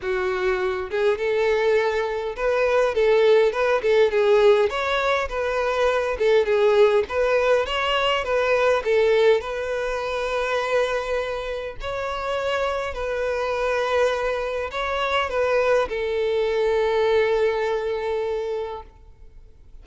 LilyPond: \new Staff \with { instrumentName = "violin" } { \time 4/4 \tempo 4 = 102 fis'4. gis'8 a'2 | b'4 a'4 b'8 a'8 gis'4 | cis''4 b'4. a'8 gis'4 | b'4 cis''4 b'4 a'4 |
b'1 | cis''2 b'2~ | b'4 cis''4 b'4 a'4~ | a'1 | }